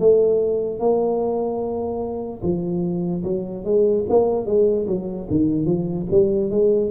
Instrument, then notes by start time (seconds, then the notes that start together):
tuba
0.00 A3
0.80 A#3
2.43 F3
3.24 F#3
3.65 G#3
4.10 A#3
4.47 G#3
4.88 F#3
5.30 D#3
5.66 F3
6.11 G3
6.50 G#3